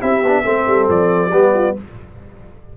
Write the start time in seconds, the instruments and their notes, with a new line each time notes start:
0.00 tuba C4, trombone E4, horn G4, trumpet E5
0.22 tuba B3, trombone D4
0.44 tuba A3, trombone C4, horn A4
0.67 tuba G3
0.89 tuba F3, trumpet D5
1.30 tuba G3, trombone B3, horn G4
1.54 horn F4